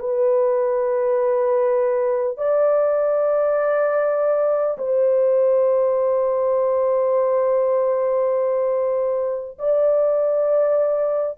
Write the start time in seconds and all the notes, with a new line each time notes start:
0.00 B4
2.38 D5
4.78 C5
9.59 D5